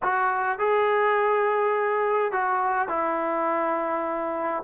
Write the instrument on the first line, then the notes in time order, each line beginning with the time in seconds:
trombone
0.02 F#4
0.59 G#4
2.32 F#4
2.88 E4